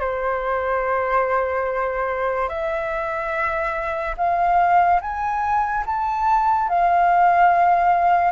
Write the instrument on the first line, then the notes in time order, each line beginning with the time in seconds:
flute
0.00 C5
2.48 E5
4.17 F5
5.01 G#5
5.86 A5
6.69 F5